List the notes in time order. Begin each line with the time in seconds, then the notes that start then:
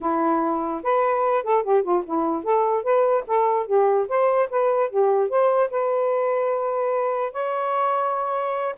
0.00 E4
0.83 B4
1.43 A4
1.63 G4
1.83 F4
2.05 E4
2.43 A4
2.83 B4
3.26 A4
3.66 G4
4.08 C5
4.50 B4
4.90 G4
5.29 C5
5.70 B4
7.32 C#5